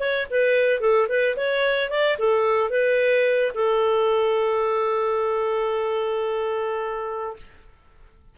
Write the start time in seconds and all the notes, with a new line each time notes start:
0.00 C#5
0.31 B4
0.81 A4
1.09 B4
1.37 C#5
1.91 D5
2.19 A4
2.71 B4
3.55 A4